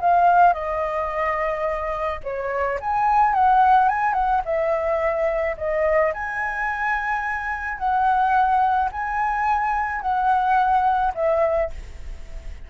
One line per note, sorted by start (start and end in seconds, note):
0.00 0.53 F5
0.53 2.20 D#5
2.23 2.79 C#5
2.80 3.34 G#5
3.34 3.88 F#5
3.88 4.13 G#5
4.13 4.41 F#5
4.45 5.56 E5
5.57 6.13 D#5
6.13 7.78 G#5
7.78 8.89 F#5
8.91 10.01 G#5
10.01 11.12 F#5
11.14 11.70 E5